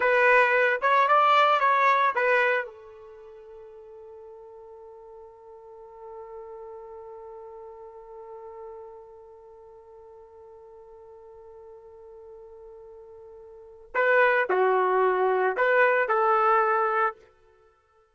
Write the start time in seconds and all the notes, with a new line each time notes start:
0.00 B4
0.81 C#5
1.07 D5
1.59 C#5
2.15 B4
2.65 A4
13.94 B4
14.49 F#4
15.56 B4
16.08 A4